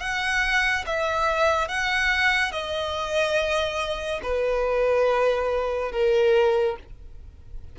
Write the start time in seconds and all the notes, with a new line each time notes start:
0.00 F#5
0.86 E5
1.68 F#5
2.52 D#5
4.23 B4
5.92 A#4